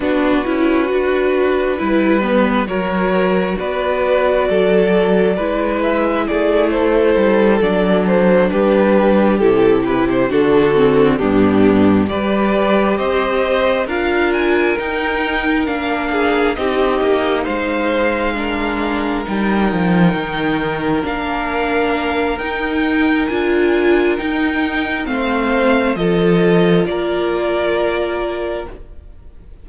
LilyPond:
<<
  \new Staff \with { instrumentName = "violin" } { \time 4/4 \tempo 4 = 67 b'2. cis''4 | d''2~ d''8 e''8 d''8 c''8~ | c''8 d''8 c''8 b'4 a'8 b'16 c''16 a'8~ | a'8 g'4 d''4 dis''4 f''8 |
gis''8 g''4 f''4 dis''4 f''8~ | f''4. g''2 f''8~ | f''4 g''4 gis''4 g''4 | f''4 dis''4 d''2 | }
  \new Staff \with { instrumentName = "violin" } { \time 4/4 fis'2 b'4 ais'4 | b'4 a'4 b'4 gis'8 a'8~ | a'4. g'2 fis'8~ | fis'8 d'4 b'4 c''4 ais'8~ |
ais'2 gis'8 g'4 c''8~ | c''8 ais'2.~ ais'8~ | ais'1 | c''4 a'4 ais'2 | }
  \new Staff \with { instrumentName = "viola" } { \time 4/4 d'8 e'8 fis'4 e'8 b8 fis'4~ | fis'2 e'2~ | e'8 d'2 e'4 d'8 | c'8 b4 g'2 f'8~ |
f'8 dis'4 d'4 dis'4.~ | dis'8 d'4 dis'2 d'8~ | d'4 dis'4 f'4 dis'4 | c'4 f'2. | }
  \new Staff \with { instrumentName = "cello" } { \time 4/4 b8 cis'8 d'4 g4 fis4 | b4 fis4 gis4 a4 | g8 fis4 g4 c4 d8~ | d8 g,4 g4 c'4 d'8~ |
d'8 dis'4 ais4 c'8 ais8 gis8~ | gis4. g8 f8 dis4 ais8~ | ais4 dis'4 d'4 dis'4 | a4 f4 ais2 | }
>>